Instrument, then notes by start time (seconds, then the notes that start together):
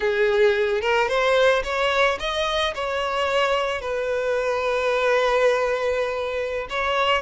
violin
0.00 G#4
0.81 A#4
1.08 C5
1.63 C#5
2.19 D#5
2.74 C#5
3.81 B4
6.69 C#5